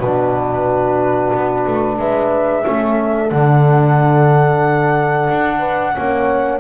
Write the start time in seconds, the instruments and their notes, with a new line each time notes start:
0.00 double bass B2, trombone D4, horn F#4, flute B4
1.33 double bass B3
1.67 double bass A3
1.98 double bass G#3, horn B4, flute E5
2.64 double bass A3, trombone C#4, horn A4
3.30 double bass D3, trombone D4, flute F#5
5.30 double bass D4
5.59 horn B4
5.95 double bass A#3, trombone C#4, horn C#5